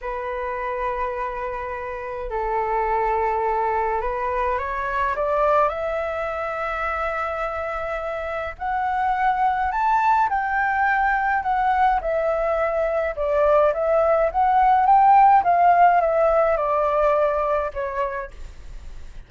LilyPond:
\new Staff \with { instrumentName = "flute" } { \time 4/4 \tempo 4 = 105 b'1 | a'2. b'4 | cis''4 d''4 e''2~ | e''2. fis''4~ |
fis''4 a''4 g''2 | fis''4 e''2 d''4 | e''4 fis''4 g''4 f''4 | e''4 d''2 cis''4 | }